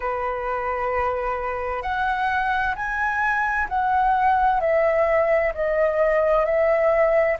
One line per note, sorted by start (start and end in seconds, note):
0.00 1.82 B4
1.82 2.74 F#5
2.75 3.68 G#5
3.68 4.60 F#5
4.60 5.53 E5
5.54 6.44 D#5
6.44 7.37 E5